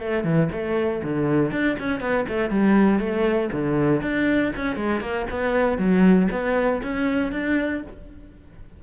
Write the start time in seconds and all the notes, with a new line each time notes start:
0.00 A3
0.24 E3
0.52 A3
1.04 D3
1.51 D4
1.79 C#4
2.01 B3
2.28 A3
2.50 G3
2.99 A3
3.52 D3
4.01 D4
4.56 C#4
4.76 G#3
5.01 A#3
5.30 B3
5.78 F#3
6.31 B3
6.83 C#4
7.32 D4